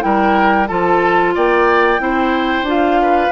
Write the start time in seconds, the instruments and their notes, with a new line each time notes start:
0.00 bassoon G3, clarinet E4, oboe A#4, flute G5
0.68 bassoon F3, clarinet F4, oboe A4, flute A5
1.35 bassoon A#3, oboe D5, flute G5
1.99 bassoon C4, clarinet E4, oboe C5
2.62 bassoon D4, clarinet F4
2.69 flute F5
3.02 oboe B4